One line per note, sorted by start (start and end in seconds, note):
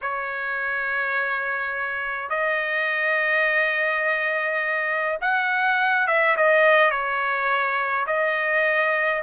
0.01 2.29 C#5
2.29 5.18 D#5
5.21 6.07 F#5
6.07 6.36 E5
6.36 6.90 D#5
6.90 8.06 C#5
8.06 9.22 D#5